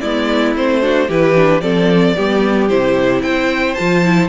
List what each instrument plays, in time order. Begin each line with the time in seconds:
0.00 cello G#3, viola B3, violin E4 D5
0.55 cello A3, viola C4, violin C5
0.81 viola D4, violin F#4
1.08 cello E3, viola E4, violin G4 B4
1.35 viola D4
1.61 cello F3, viola C4, violin A4 D5
2.16 cello G3, viola B3, violin G4
2.68 cello C3, viola E4, violin C5
3.22 cello C4, violin C5 G5
3.75 cello F3, viola F4, violin A5
4.04 viola E4